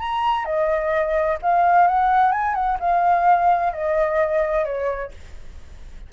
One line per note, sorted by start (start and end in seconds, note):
0.00 0.45 A#5
0.45 1.38 D#5
1.43 1.88 F5
1.88 2.32 F#5
2.32 2.55 G#5
2.55 2.78 F#5
2.80 3.73 F5
3.73 4.65 D#5
4.65 5.12 C#5